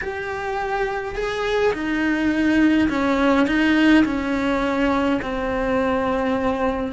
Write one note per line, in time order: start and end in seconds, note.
0.01 1.15 G4
1.15 1.72 G#4
1.73 2.88 D#4
2.89 3.46 C#4
3.46 4.04 D#4
4.04 5.20 C#4
5.22 6.92 C4